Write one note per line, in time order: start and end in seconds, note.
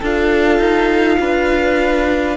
0.00 0.59 D4
0.00 2.37 F4
0.00 1.18 A4
0.00 2.37 F5
0.59 1.18 D#4
1.19 2.37 D4
1.19 2.37 B4